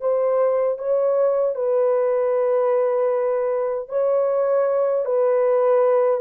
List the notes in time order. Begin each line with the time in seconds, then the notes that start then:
0.00 C5
0.78 C#5
1.55 B4
3.89 C#5
5.05 B4